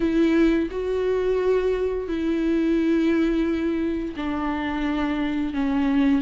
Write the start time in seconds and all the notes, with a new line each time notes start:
0.00 E4
0.71 F#4
2.08 E4
4.16 D4
5.53 C#4